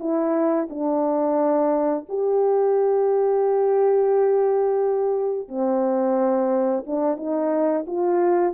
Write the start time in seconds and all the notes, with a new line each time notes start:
0.00 E4
0.70 D4
2.09 G4
5.48 C4
6.87 D4
7.17 D#4
7.87 F4